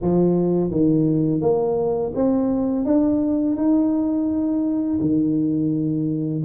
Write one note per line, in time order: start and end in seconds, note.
0.01 0.70 F3
0.70 1.41 D#3
1.41 2.12 A#3
2.15 2.85 C4
2.85 3.56 D4
3.56 4.99 D#4
5.00 6.43 D#3